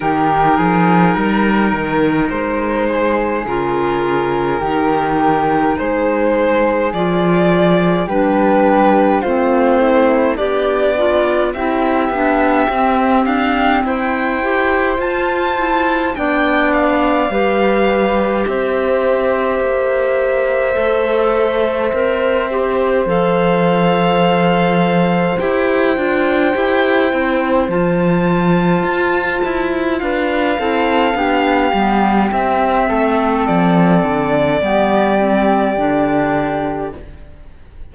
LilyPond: <<
  \new Staff \with { instrumentName = "violin" } { \time 4/4 \tempo 4 = 52 ais'2 c''4 ais'4~ | ais'4 c''4 d''4 b'4 | c''4 d''4 e''4. f''8 | g''4 a''4 g''8 f''4. |
e''1 | f''2 g''2 | a''2 f''2 | e''4 d''2. | }
  \new Staff \with { instrumentName = "flute" } { \time 4/4 g'8 gis'8 ais'4. gis'4. | g'4 gis'2 g'4 | f'8 e'8 d'4 g'2 | c''2 d''4 b'4 |
c''1~ | c''1~ | c''2 b'8 a'8 g'4~ | g'8 a'4. g'2 | }
  \new Staff \with { instrumentName = "clarinet" } { \time 4/4 dis'2. f'4 | dis'2 f'4 d'4 | c'4 g'8 f'8 e'8 d'8 c'4~ | c'8 g'8 f'8 e'8 d'4 g'4~ |
g'2 a'4 ais'8 g'8 | a'2 g'8 f'8 g'8 e'8 | f'2~ f'8 e'8 d'8 b8 | c'2 b8 c'8 d'4 | }
  \new Staff \with { instrumentName = "cello" } { \time 4/4 dis8 f8 g8 dis8 gis4 cis4 | dis4 gis4 f4 g4 | a4 b4 c'8 b8 c'8 d'8 | e'4 f'4 b4 g4 |
c'4 ais4 a4 c'4 | f2 e'8 d'8 e'8 c'8 | f4 f'8 e'8 d'8 c'8 b8 g8 | c'8 a8 f8 d8 g4 d4 | }
>>